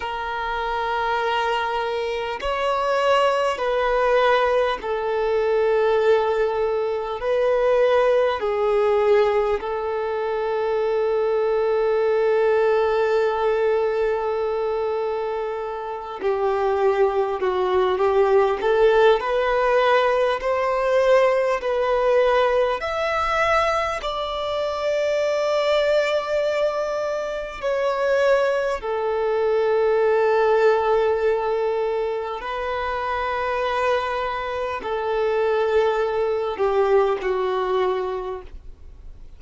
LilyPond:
\new Staff \with { instrumentName = "violin" } { \time 4/4 \tempo 4 = 50 ais'2 cis''4 b'4 | a'2 b'4 gis'4 | a'1~ | a'4. g'4 fis'8 g'8 a'8 |
b'4 c''4 b'4 e''4 | d''2. cis''4 | a'2. b'4~ | b'4 a'4. g'8 fis'4 | }